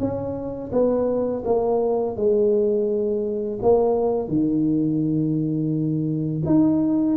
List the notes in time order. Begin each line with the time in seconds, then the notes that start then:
0.00 C#4
0.73 B3
1.45 A#3
2.17 G#3
3.63 A#3
4.29 D#3
6.46 D#4